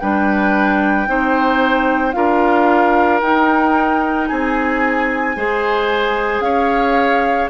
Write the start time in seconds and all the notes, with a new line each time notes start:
0.00 G3 D4 B4 G5
1.08 C4 D#4 C5
2.13 D4 F4 A#4 F5
3.21 D#4 G5
4.27 C4 G#4 G#5
5.37 G#3 G#4 C5
6.41 C#4 C#5 F5